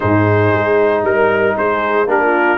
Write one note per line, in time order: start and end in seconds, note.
0.00 0.53 G#2
0.00 2.07 D#4
0.00 1.04 G#4
0.00 1.04 C5
0.53 1.03 G#3
1.03 1.55 G3
1.03 1.56 A#4
1.03 1.57 A#4
1.57 2.06 G#3
1.57 2.08 G#4
1.57 2.09 C5
2.06 2.58 A#3
2.06 2.58 D4
2.06 2.21 G4
2.06 2.58 A#4
2.22 2.58 F4